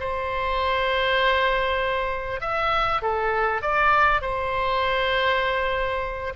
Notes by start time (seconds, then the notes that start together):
0.00 C5
2.41 E5
3.02 A4
3.62 D5
4.21 C5